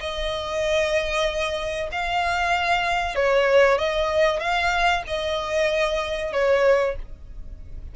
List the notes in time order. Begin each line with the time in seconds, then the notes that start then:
0.00 D#5
1.92 F5
3.16 C#5
3.78 D#5
4.40 F5
5.07 D#5
6.33 C#5